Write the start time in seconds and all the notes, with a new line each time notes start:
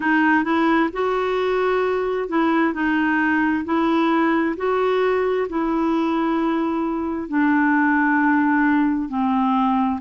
0.00 D#4
0.43 E4
0.92 F#4
2.28 E4
2.73 D#4
3.64 E4
4.57 F#4
5.49 E4
7.28 D4
9.09 C4